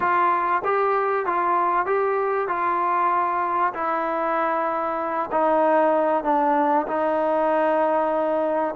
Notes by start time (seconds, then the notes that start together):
0.00 F4
0.64 G4
1.26 F4
1.86 G4
2.48 F4
3.73 E4
5.31 D#4
6.23 D4
6.87 D#4